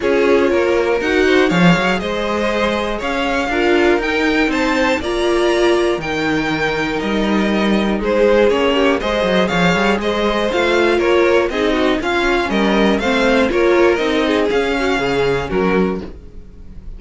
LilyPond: <<
  \new Staff \with { instrumentName = "violin" } { \time 4/4 \tempo 4 = 120 cis''2 fis''4 f''4 | dis''2 f''2 | g''4 a''4 ais''2 | g''2 dis''2 |
c''4 cis''4 dis''4 f''4 | dis''4 f''4 cis''4 dis''4 | f''4 dis''4 f''4 cis''4 | dis''4 f''2 ais'4 | }
  \new Staff \with { instrumentName = "violin" } { \time 4/4 gis'4 ais'4. c''8 cis''4 | c''2 cis''4 ais'4~ | ais'4 c''4 d''2 | ais'1 |
gis'4. g'8 c''4 cis''4 | c''2 ais'4 gis'8 fis'8 | f'4 ais'4 c''4 ais'4~ | ais'8 gis'4 fis'8 gis'4 fis'4 | }
  \new Staff \with { instrumentName = "viola" } { \time 4/4 f'2 fis'4 gis'4~ | gis'2. f'4 | dis'2 f'2 | dis'1~ |
dis'4 cis'4 gis'2~ | gis'4 f'2 dis'4 | cis'2 c'4 f'4 | dis'4 cis'2. | }
  \new Staff \with { instrumentName = "cello" } { \time 4/4 cis'4 ais4 dis'4 f8 fis8 | gis2 cis'4 d'4 | dis'4 c'4 ais2 | dis2 g2 |
gis4 ais4 gis8 fis8 f8 g8 | gis4 a4 ais4 c'4 | cis'4 g4 a4 ais4 | c'4 cis'4 cis4 fis4 | }
>>